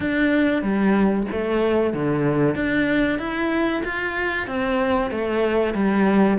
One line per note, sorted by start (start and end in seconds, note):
0.00 0.62 D4
0.62 1.26 G3
1.31 1.93 A3
1.93 2.55 D3
2.55 3.18 D4
3.18 3.82 E4
3.84 4.47 F4
4.47 5.10 C4
5.10 5.74 A3
5.74 6.37 G3